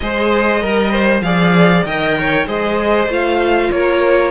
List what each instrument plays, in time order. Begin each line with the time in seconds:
0.00 cello G#3, viola G#4, violin C5 D#5
0.61 cello G3, viola A#4, violin A#4
0.91 violin C5
1.21 cello F3, viola G#4, violin D5 F5
1.84 cello D#3, viola A#4, violin D#5 G5
2.19 violin C#5
2.46 cello G#3, viola G#4, violin C5 D#5
3.07 cello A3, viola F4, violin F5
3.71 cello A#3, violin A#4 C#5